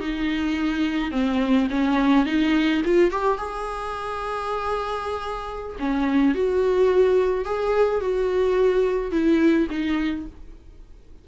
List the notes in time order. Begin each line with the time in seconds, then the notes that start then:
0.00 D#4
1.11 C4
1.70 C#4
2.25 D#4
2.84 F4
3.11 G4
3.37 G#4
5.79 C#4
6.34 F#4
7.45 G#4
8.00 F#4
9.11 E4
9.69 D#4